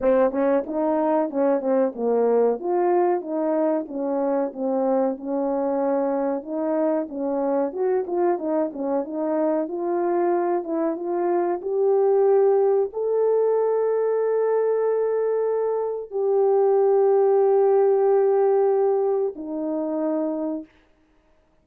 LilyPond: \new Staff \with { instrumentName = "horn" } { \time 4/4 \tempo 4 = 93 c'8 cis'8 dis'4 cis'8 c'8 ais4 | f'4 dis'4 cis'4 c'4 | cis'2 dis'4 cis'4 | fis'8 f'8 dis'8 cis'8 dis'4 f'4~ |
f'8 e'8 f'4 g'2 | a'1~ | a'4 g'2.~ | g'2 dis'2 | }